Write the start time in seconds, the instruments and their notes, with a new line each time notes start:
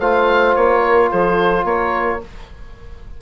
0.00 bassoon A3, trombone F4, horn C5, oboe F5
0.56 bassoon A#3, oboe C#5
0.81 horn A#4
1.11 bassoon F3, horn A4, oboe C5
1.65 bassoon A#3, horn A#4, oboe C#5